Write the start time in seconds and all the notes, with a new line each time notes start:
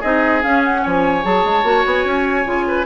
0.00 C4 D#4 G#4 D#5
0.43 C#4 F5
0.64 F#5
0.83 F3 C#5 G#5
1.23 F#3 G#4 A5
1.45 G#3
1.63 A#3 F#4
1.86 B3 G#5
2.05 C#4
2.45 C#3 F4
2.68 B4